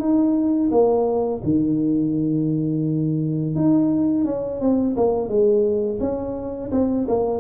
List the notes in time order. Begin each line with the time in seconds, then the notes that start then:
0.00 D#4
0.71 A#3
1.44 D#3
3.56 D#4
4.25 C#4
4.60 C4
4.97 A#3
5.28 G#3
6.00 C#4
6.72 C4
7.08 A#3